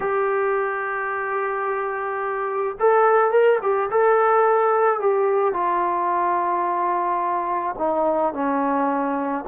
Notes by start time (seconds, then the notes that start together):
0.00 G4
2.79 A4
3.31 A#4
3.61 G4
3.90 A4
4.99 G4
5.53 F4
7.78 D#4
8.33 C#4